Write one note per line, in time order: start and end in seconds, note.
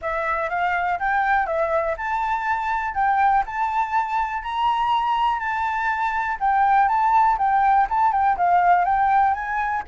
0.01 0.49 E5
0.49 0.99 F5
0.99 1.46 G5
1.46 1.95 E5
1.97 2.94 A5
2.94 3.43 G5
3.46 4.42 A5
4.42 5.39 A#5
5.39 6.37 A5
6.40 6.88 G5
6.88 7.37 A5
7.37 7.87 G5
7.89 8.12 A5
8.12 8.36 G5
8.37 8.84 F5
8.84 9.33 G5
9.33 9.82 G#5